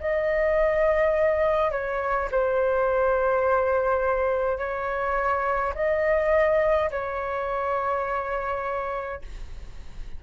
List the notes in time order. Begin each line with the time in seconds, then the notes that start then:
0.00 D#5
1.71 C#5
2.31 C5
4.58 C#5
5.74 D#5
6.91 C#5